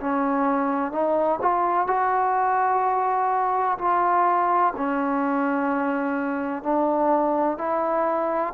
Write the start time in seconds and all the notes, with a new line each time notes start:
0.00 C#4
0.92 D#4
1.41 F4
1.87 F#4
3.78 F4
4.76 C#4
6.63 D4
7.58 E4